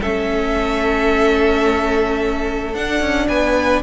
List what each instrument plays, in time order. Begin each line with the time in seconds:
0.00 cello A3, viola C#4, violin A4 E5
2.74 cello D4, viola D4, violin F#5
3.00 cello C#4
3.28 cello B3, violin B4 G#5